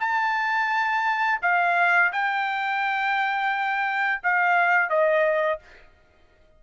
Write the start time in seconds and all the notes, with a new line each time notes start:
0.00 A5
1.42 F5
2.12 G5
4.23 F5
4.90 D#5